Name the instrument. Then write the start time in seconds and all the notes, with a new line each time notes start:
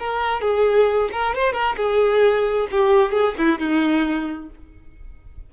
violin
0.00 A#4
0.42 G#4
1.12 A#4
1.35 C5
1.53 A#4
1.77 G#4
2.71 G4
3.12 G#4
3.38 E4
3.59 D#4